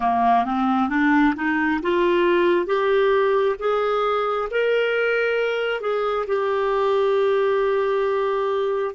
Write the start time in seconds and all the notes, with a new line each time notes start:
0.00 A#3
0.44 C4
0.89 D4
1.35 D#4
1.82 F4
2.66 G4
3.59 G#4
4.50 A#4
5.80 G#4
6.26 G4